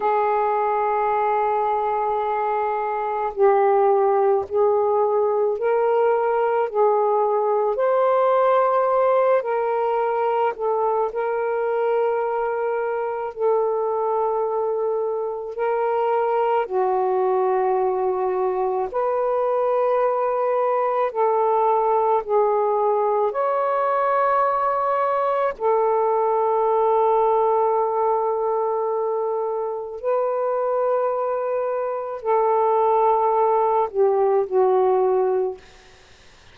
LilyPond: \new Staff \with { instrumentName = "saxophone" } { \time 4/4 \tempo 4 = 54 gis'2. g'4 | gis'4 ais'4 gis'4 c''4~ | c''8 ais'4 a'8 ais'2 | a'2 ais'4 fis'4~ |
fis'4 b'2 a'4 | gis'4 cis''2 a'4~ | a'2. b'4~ | b'4 a'4. g'8 fis'4 | }